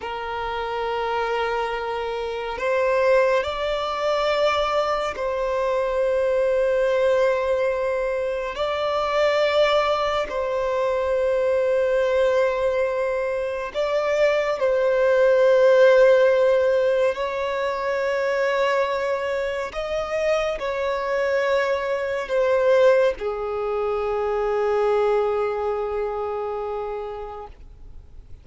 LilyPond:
\new Staff \with { instrumentName = "violin" } { \time 4/4 \tempo 4 = 70 ais'2. c''4 | d''2 c''2~ | c''2 d''2 | c''1 |
d''4 c''2. | cis''2. dis''4 | cis''2 c''4 gis'4~ | gis'1 | }